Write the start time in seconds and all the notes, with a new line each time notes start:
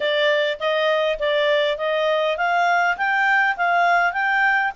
0.00 D5
0.59 D#5
1.19 D5
1.77 D#5
2.37 F5
2.97 G5
3.56 F5
4.12 G5